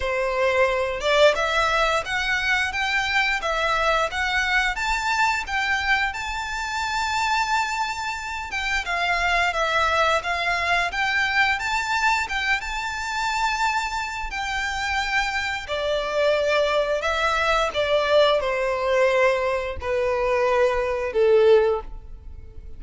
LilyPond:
\new Staff \with { instrumentName = "violin" } { \time 4/4 \tempo 4 = 88 c''4. d''8 e''4 fis''4 | g''4 e''4 fis''4 a''4 | g''4 a''2.~ | a''8 g''8 f''4 e''4 f''4 |
g''4 a''4 g''8 a''4.~ | a''4 g''2 d''4~ | d''4 e''4 d''4 c''4~ | c''4 b'2 a'4 | }